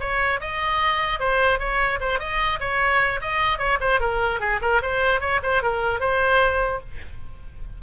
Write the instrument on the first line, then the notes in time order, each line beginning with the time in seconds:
oboe
0.00 C#5
0.40 D#5
1.19 C5
1.59 C#5
2.01 C5
2.19 D#5
2.60 C#5
3.21 D#5
3.58 C#5
3.80 C5
4.00 A#4
4.40 G#4
4.61 A#4
4.82 C5
5.21 C#5
5.43 C5
5.62 A#4
6.00 C5